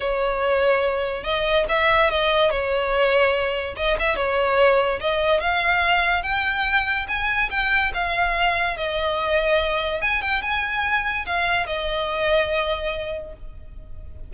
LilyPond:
\new Staff \with { instrumentName = "violin" } { \time 4/4 \tempo 4 = 144 cis''2. dis''4 | e''4 dis''4 cis''2~ | cis''4 dis''8 e''8 cis''2 | dis''4 f''2 g''4~ |
g''4 gis''4 g''4 f''4~ | f''4 dis''2. | gis''8 g''8 gis''2 f''4 | dis''1 | }